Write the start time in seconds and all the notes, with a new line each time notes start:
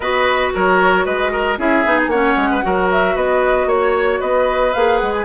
0.00 B3 F#4 B4 D#5
0.54 F#3 A#4 C#5
1.05 G#3 B4 D#5
1.32 A#4
1.58 C#4 E4 G#4 E5
1.85 B3 D#4
1.97 G#5
2.07 A#3 C#4 C#5 F#5
2.36 G#3
2.50 B4
2.62 F#3 F#4 A#4
2.91 E5
3.15 B3 B4 D#5
3.66 A#3 C#5
4.20 B3 B4 D#5
4.73 A#3 G#4 F5
4.98 G#3 F#5
5.13 G#5